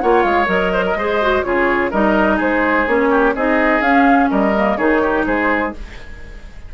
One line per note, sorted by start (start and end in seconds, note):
0.00 0.25 A#3
0.00 0.46 F4
0.00 0.73 C#5
0.00 0.23 F#5
0.23 0.48 G#3
0.23 0.47 F5
0.46 0.95 F#3
0.46 0.94 A#4
0.46 1.43 D#5
0.73 0.85 C5
0.86 0.98 A#4
0.96 1.43 G#3
0.96 1.22 G#4
0.96 1.46 C5
1.22 1.44 F#4
1.43 1.92 C#3
1.43 1.92 F4
1.43 1.91 G#4
1.43 1.91 C#5
1.91 2.40 G3
1.91 2.88 D#4
1.91 2.37 A#4
1.91 2.40 D#5
2.37 2.88 G#3
2.37 3.08 G#4
2.37 2.88 C5
2.88 3.35 A#3
2.88 3.35 C#4
2.88 3.36 C#5
3.11 3.35 G4
3.35 3.81 C4
3.35 3.84 D#4
3.35 4.31 G#4
3.35 3.82 D#5
3.81 4.29 C#4
3.81 4.55 C#4
3.81 4.30 F5
4.31 4.78 G3
4.31 4.78 A#4
4.31 4.78 D#5
4.56 4.79 A#3
4.78 5.26 D#3
4.78 5.74 D#4
4.78 5.02 G#4
4.78 5.25 C#5
5.02 5.26 G4
5.27 5.75 G#3
5.27 5.74 G#4
5.27 5.74 C5